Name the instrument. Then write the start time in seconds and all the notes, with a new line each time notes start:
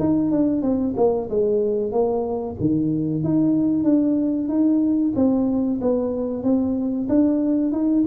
tuba
0.00 D#4
0.32 D4
0.62 C4
0.97 A#3
1.30 G#3
1.92 A#3
2.61 D#3
3.24 D#4
3.84 D4
4.49 D#4
5.16 C4
5.82 B3
6.44 C4
7.09 D4
7.72 D#4